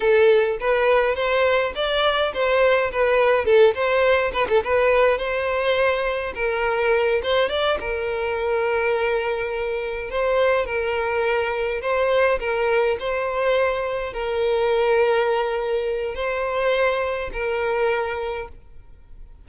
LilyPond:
\new Staff \with { instrumentName = "violin" } { \time 4/4 \tempo 4 = 104 a'4 b'4 c''4 d''4 | c''4 b'4 a'8 c''4 b'16 a'16 | b'4 c''2 ais'4~ | ais'8 c''8 d''8 ais'2~ ais'8~ |
ais'4. c''4 ais'4.~ | ais'8 c''4 ais'4 c''4.~ | c''8 ais'2.~ ais'8 | c''2 ais'2 | }